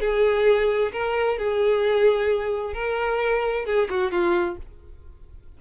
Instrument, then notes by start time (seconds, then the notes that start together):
violin
0.00 G#4
0.92 A#4
1.38 G#4
2.74 A#4
3.65 G#4
3.90 F#4
4.11 F4